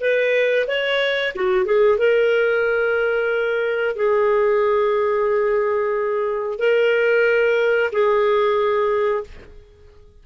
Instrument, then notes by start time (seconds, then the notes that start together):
clarinet
0.00 B4
0.67 C#5
1.35 F#4
1.65 G#4
1.98 A#4
3.96 G#4
6.59 A#4
7.92 G#4